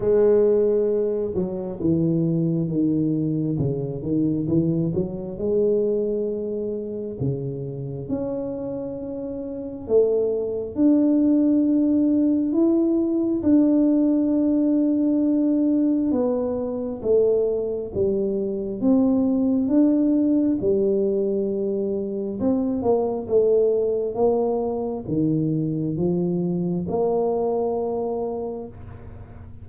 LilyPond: \new Staff \with { instrumentName = "tuba" } { \time 4/4 \tempo 4 = 67 gis4. fis8 e4 dis4 | cis8 dis8 e8 fis8 gis2 | cis4 cis'2 a4 | d'2 e'4 d'4~ |
d'2 b4 a4 | g4 c'4 d'4 g4~ | g4 c'8 ais8 a4 ais4 | dis4 f4 ais2 | }